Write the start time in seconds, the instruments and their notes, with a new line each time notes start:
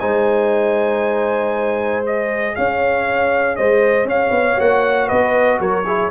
0.00 tuba G#3, trombone D#4, horn C5, trumpet G#5
2.04 trombone G#4, trumpet D#5
2.55 tuba C#4, horn C#5, trumpet F5
3.56 tuba G#3, horn C5, trumpet D#5
4.05 tuba C#4, horn C#5, trumpet F5
4.31 tuba B3
4.56 tuba A#3, trombone F#4, trumpet F#5
5.08 tuba B3, horn B4, trumpet D#5
5.60 tuba F#3, horn A#4, trumpet C#5
5.86 trombone E4, horn G#4